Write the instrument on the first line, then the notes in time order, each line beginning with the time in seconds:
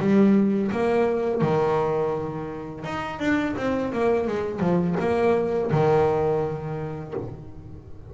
double bass
0.00 G3
0.72 A#3
1.42 D#3
2.85 D#4
3.20 D4
3.57 C4
3.93 A#3
4.28 G#3
4.60 F3
5.00 A#3
5.72 D#3